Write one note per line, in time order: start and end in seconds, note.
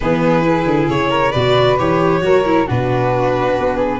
0.00 0.65 E3
0.00 0.42 B3
0.00 1.10 G#4
0.00 0.89 B4
0.42 1.31 E4
0.65 0.87 D3
0.89 1.33 C#3
0.89 1.32 C#5
1.10 1.31 A#4
1.31 1.78 B2
1.31 1.78 F#4
1.31 2.19 B4
1.31 1.76 D5
1.78 2.21 E3
1.78 2.21 G4
1.78 2.68 C#5
2.21 2.65 F#3
2.21 2.43 F#4
2.21 2.66 A#4
2.45 2.67 E4
2.66 3.58 B2
2.66 4.00 D4
2.66 3.76 F#4
2.66 4.00 B4
3.59 4.00 B3
3.76 3.98 G#4